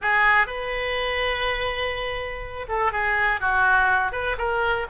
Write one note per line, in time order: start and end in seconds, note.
0.01 0.46 G#4
0.46 2.66 B4
2.68 2.92 A4
2.92 3.40 G#4
3.40 4.12 F#4
4.12 4.36 B4
4.37 4.86 A#4